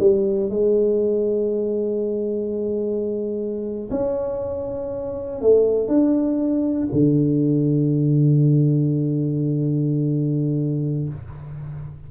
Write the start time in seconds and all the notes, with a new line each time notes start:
0.00 G3
0.50 G#3
3.91 C#4
5.42 A3
5.88 D4
6.93 D3